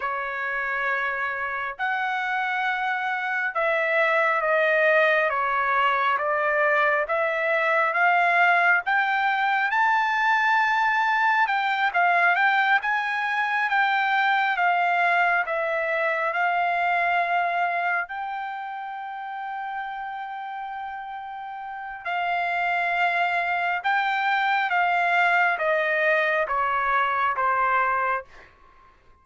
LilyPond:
\new Staff \with { instrumentName = "trumpet" } { \time 4/4 \tempo 4 = 68 cis''2 fis''2 | e''4 dis''4 cis''4 d''4 | e''4 f''4 g''4 a''4~ | a''4 g''8 f''8 g''8 gis''4 g''8~ |
g''8 f''4 e''4 f''4.~ | f''8 g''2.~ g''8~ | g''4 f''2 g''4 | f''4 dis''4 cis''4 c''4 | }